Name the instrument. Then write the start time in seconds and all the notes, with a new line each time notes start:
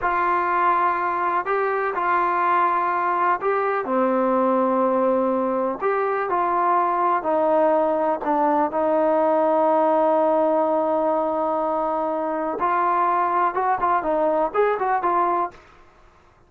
trombone
0.01 F4
1.45 G4
1.95 F4
3.41 G4
3.85 C4
5.81 G4
6.29 F4
7.22 D#4
8.24 D4
8.71 D#4
12.59 F4
13.54 F#4
13.80 F4
14.03 D#4
14.54 G#4
14.79 F#4
15.02 F4